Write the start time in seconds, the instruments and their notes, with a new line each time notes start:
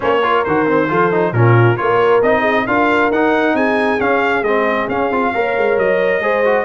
0.00 tuba A#3, trombone C#4, horn C5, trumpet C#5
0.22 trombone F4, horn A#4
0.44 tuba D#3, trombone F#4, trumpet C5
0.66 trombone C4
0.89 tuba F3, trombone F4, horn A4
1.11 trombone D#4
1.32 tuba A#2, trombone C#4, horn F4, trumpet A#4
1.76 tuba A#3, trombone F4, horn A#4, trumpet C#5
2.21 tuba C4, trombone D#4, trumpet D#5
2.40 horn G#4
2.66 tuba D4, trombone F4, horn A#4, trumpet F5
3.10 tuba D#4, trombone D#4, trumpet F#5
3.54 tuba C4, horn G#4, trumpet G#5
3.99 trombone C#4, tuba C#4, trumpet F5
4.42 tuba G#3, trombone C4, trumpet D#5
4.88 tuba C#4, trombone C#4, trumpet F5
5.10 tuba C4, trombone F4
5.34 tuba A#3, trombone A#4, horn C#5
5.57 tuba G#3
5.77 tuba F#3, trumpet D#5
6.19 tuba G#3, trombone G#4, horn C5
6.44 trombone F#4